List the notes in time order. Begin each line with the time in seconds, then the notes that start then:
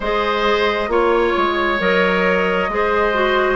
0.00 G#3 G#4 C5 D#5
0.88 A#3 F4 C#5
1.36 G#3
1.80 F#3 A#4 D#5
2.68 G#3 G#4 C5
3.13 F#4